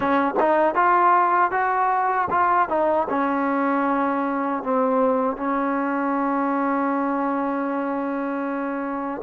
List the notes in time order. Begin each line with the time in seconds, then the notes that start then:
0.00 C#4
0.39 D#4
0.74 F4
1.51 F#4
2.30 F4
2.69 D#4
3.09 C#4
4.63 C4
5.37 C#4